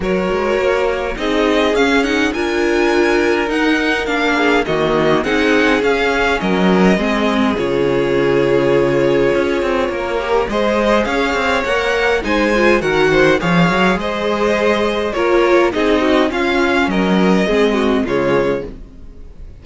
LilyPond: <<
  \new Staff \with { instrumentName = "violin" } { \time 4/4 \tempo 4 = 103 cis''2 dis''4 f''8 fis''8 | gis''2 fis''4 f''4 | dis''4 fis''4 f''4 dis''4~ | dis''4 cis''2.~ |
cis''2 dis''4 f''4 | fis''4 gis''4 fis''4 f''4 | dis''2 cis''4 dis''4 | f''4 dis''2 cis''4 | }
  \new Staff \with { instrumentName = "violin" } { \time 4/4 ais'2 gis'2 | ais'2.~ ais'8 gis'8 | fis'4 gis'2 ais'4 | gis'1~ |
gis'4 ais'4 c''4 cis''4~ | cis''4 c''4 ais'8 c''8 cis''4 | c''2 ais'4 gis'8 fis'8 | f'4 ais'4 gis'8 fis'8 f'4 | }
  \new Staff \with { instrumentName = "viola" } { \time 4/4 fis'2 dis'4 cis'8 dis'8 | f'2 dis'4 d'4 | ais4 dis'4 cis'2 | c'4 f'2.~ |
f'4. g'8 gis'2 | ais'4 dis'8 f'8 fis'4 gis'4~ | gis'2 f'4 dis'4 | cis'2 c'4 gis4 | }
  \new Staff \with { instrumentName = "cello" } { \time 4/4 fis8 gis8 ais4 c'4 cis'4 | d'2 dis'4 ais4 | dis4 c'4 cis'4 fis4 | gis4 cis2. |
cis'8 c'8 ais4 gis4 cis'8 c'8 | ais4 gis4 dis4 f8 fis8 | gis2 ais4 c'4 | cis'4 fis4 gis4 cis4 | }
>>